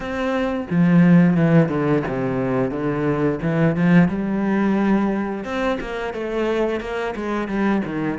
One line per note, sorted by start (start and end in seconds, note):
0.00 0.66 C4
0.70 1.36 F3
1.36 1.68 E3
1.68 2.02 D3
2.08 2.71 C3
2.71 3.39 D3
3.42 3.76 E3
3.76 4.08 F3
4.08 5.44 G3
5.44 5.78 C4
5.80 6.13 A#3
6.13 6.80 A3
6.80 7.14 A#3
7.15 7.48 G#3
7.48 7.82 G3
7.85 8.18 D#3